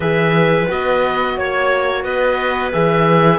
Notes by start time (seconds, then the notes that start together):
0.00 E3 G#4 B4 E5
0.68 B3 F#4 D#5
1.37 A#3 C#5
2.02 B3 B4 D#5
2.72 E3 G#4 E5